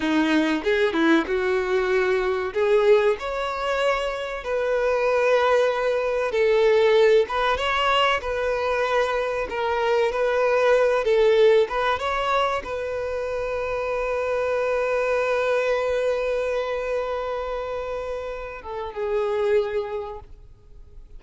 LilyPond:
\new Staff \with { instrumentName = "violin" } { \time 4/4 \tempo 4 = 95 dis'4 gis'8 e'8 fis'2 | gis'4 cis''2 b'4~ | b'2 a'4. b'8 | cis''4 b'2 ais'4 |
b'4. a'4 b'8 cis''4 | b'1~ | b'1~ | b'4. a'8 gis'2 | }